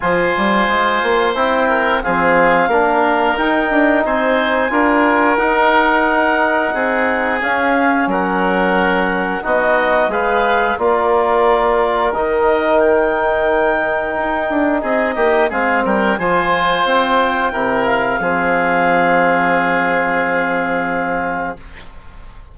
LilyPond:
<<
  \new Staff \with { instrumentName = "clarinet" } { \time 4/4 \tempo 4 = 89 gis''2 g''4 f''4~ | f''4 g''4 gis''2 | fis''2. f''4 | fis''2 dis''4 f''4 |
d''2 dis''4 g''4~ | g''2 dis''4 f''8 g''8 | gis''4 g''4. f''4.~ | f''1 | }
  \new Staff \with { instrumentName = "oboe" } { \time 4/4 c''2~ c''8 ais'8 gis'4 | ais'2 c''4 ais'4~ | ais'2 gis'2 | ais'2 fis'4 b'4 |
ais'1~ | ais'2 gis'8 g'8 gis'8 ais'8 | c''2 ais'4 gis'4~ | gis'1 | }
  \new Staff \with { instrumentName = "trombone" } { \time 4/4 f'2 e'4 c'4 | d'4 dis'2 f'4 | dis'2. cis'4~ | cis'2 dis'4 gis'4 |
f'2 dis'2~ | dis'2. c'4 | f'2 e'4 c'4~ | c'1 | }
  \new Staff \with { instrumentName = "bassoon" } { \time 4/4 f8 g8 gis8 ais8 c'4 f4 | ais4 dis'8 d'8 c'4 d'4 | dis'2 c'4 cis'4 | fis2 b4 gis4 |
ais2 dis2~ | dis4 dis'8 d'8 c'8 ais8 gis8 g8 | f4 c'4 c4 f4~ | f1 | }
>>